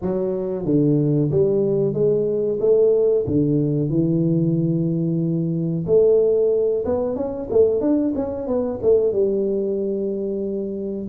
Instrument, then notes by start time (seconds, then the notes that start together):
tuba
0.01 F#3
0.65 D3
1.30 G3
1.93 G#3
2.60 A3
3.26 D3
3.89 E3
5.86 A3
6.85 B3
7.16 C#4
7.50 A3
7.81 D4
8.15 C#4
8.47 B3
8.82 A3
9.12 G3